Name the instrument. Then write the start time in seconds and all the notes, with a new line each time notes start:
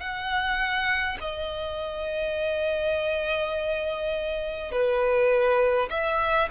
violin
0.00 F#5
1.20 D#5
4.72 B4
5.90 E5